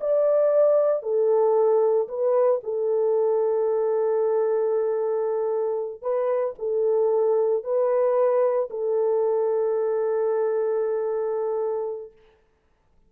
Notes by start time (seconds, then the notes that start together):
0.00 D5
1.03 A4
2.08 B4
2.63 A4
6.02 B4
6.58 A4
7.64 B4
8.70 A4